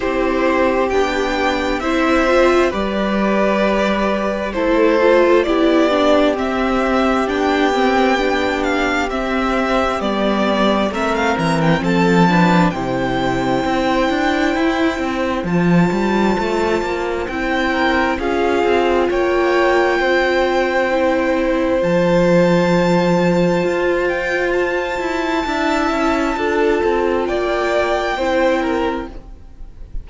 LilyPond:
<<
  \new Staff \with { instrumentName = "violin" } { \time 4/4 \tempo 4 = 66 c''4 g''4 e''4 d''4~ | d''4 c''4 d''4 e''4 | g''4. f''8 e''4 d''4 | e''16 f''16 ais''16 g''16 a''4 g''2~ |
g''4 a''2 g''4 | f''4 g''2. | a''2~ a''8 g''8 a''4~ | a''2 g''2 | }
  \new Staff \with { instrumentName = "violin" } { \time 4/4 g'2 c''4 b'4~ | b'4 a'4 g'2~ | g'1 | ais'4 a'8 b'8 c''2~ |
c''2.~ c''8 ais'8 | gis'4 cis''4 c''2~ | c''1 | e''4 a'4 d''4 c''8 ais'8 | }
  \new Staff \with { instrumentName = "viola" } { \time 4/4 e'4 d'4 e'8 f'8 g'4~ | g'4 e'8 f'8 e'8 d'8 c'4 | d'8 c'8 d'4 c'4 b4 | c'4. d'8 e'2~ |
e'4 f'2 e'4 | f'2. e'4 | f'1 | e'4 f'2 e'4 | }
  \new Staff \with { instrumentName = "cello" } { \time 4/4 c'4 b4 c'4 g4~ | g4 a4 b4 c'4 | b2 c'4 g4 | a8 e8 f4 c4 c'8 d'8 |
e'8 c'8 f8 g8 a8 ais8 c'4 | cis'8 c'8 ais4 c'2 | f2 f'4. e'8 | d'8 cis'8 d'8 c'8 ais4 c'4 | }
>>